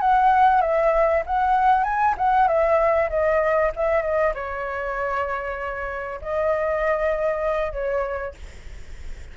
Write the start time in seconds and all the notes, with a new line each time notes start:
0.00 F#5
0.61 E5
1.26 F#5
1.83 G#5
2.17 F#5
2.47 E5
3.09 D#5
3.76 E5
4.02 D#5
4.34 C#5
6.21 D#5
7.72 C#5